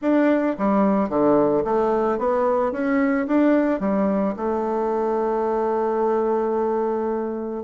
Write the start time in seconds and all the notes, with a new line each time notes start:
0.01 D4
0.58 G3
1.09 D3
1.64 A3
2.18 B3
2.72 C#4
3.27 D4
3.80 G3
4.36 A3